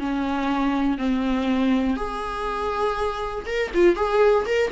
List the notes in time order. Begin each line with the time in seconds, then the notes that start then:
0.00 C#4
0.98 C4
1.97 G#4
3.47 A#4
3.75 F4
3.96 G#4
4.46 A#4